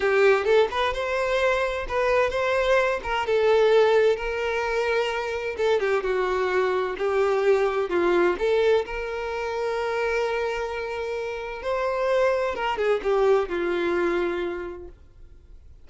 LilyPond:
\new Staff \with { instrumentName = "violin" } { \time 4/4 \tempo 4 = 129 g'4 a'8 b'8 c''2 | b'4 c''4. ais'8 a'4~ | a'4 ais'2. | a'8 g'8 fis'2 g'4~ |
g'4 f'4 a'4 ais'4~ | ais'1~ | ais'4 c''2 ais'8 gis'8 | g'4 f'2. | }